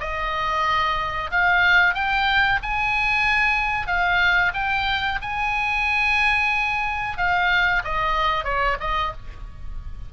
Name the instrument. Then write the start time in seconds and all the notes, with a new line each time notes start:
oboe
0.00 D#5
1.31 F5
1.94 G5
2.62 G#5
3.87 F5
4.54 G5
5.21 G#5
7.17 F5
7.84 D#5
8.44 C#5
8.80 D#5